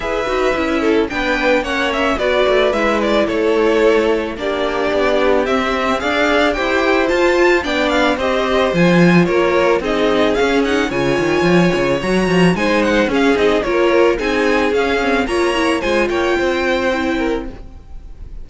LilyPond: <<
  \new Staff \with { instrumentName = "violin" } { \time 4/4 \tempo 4 = 110 e''2 g''4 fis''8 e''8 | d''4 e''8 d''8 cis''2 | d''2 e''4 f''4 | g''4 a''4 g''8 f''8 dis''4 |
gis''4 cis''4 dis''4 f''8 fis''8 | gis''2 ais''4 gis''8 fis''8 | f''8 dis''8 cis''4 gis''4 f''4 | ais''4 gis''8 g''2~ g''8 | }
  \new Staff \with { instrumentName = "violin" } { \time 4/4 b'4. a'8 b'4 cis''4 | b'2 a'2 | g'2. d''4 | c''2 d''4 c''4~ |
c''4 ais'4 gis'2 | cis''2. c''4 | gis'4 ais'4 gis'2 | cis''4 c''8 cis''8 c''4. ais'8 | }
  \new Staff \with { instrumentName = "viola" } { \time 4/4 gis'8 fis'8 e'4 d'4 cis'4 | fis'4 e'2. | d'2 c'4 gis'4 | g'4 f'4 d'4 g'4 |
f'2 dis'4 cis'8 dis'8 | f'2 fis'4 dis'4 | cis'8 dis'8 f'4 dis'4 cis'8 c'8 | f'8 e'8 f'2 e'4 | }
  \new Staff \with { instrumentName = "cello" } { \time 4/4 e'8 dis'8 cis'4 b4 ais4 | b8 a8 gis4 a2 | ais4 b4 c'4 d'4 | e'4 f'4 b4 c'4 |
f4 ais4 c'4 cis'4 | cis8 dis8 f8 cis8 fis8 f8 gis4 | cis'8 c'8 ais4 c'4 cis'4 | ais4 gis8 ais8 c'2 | }
>>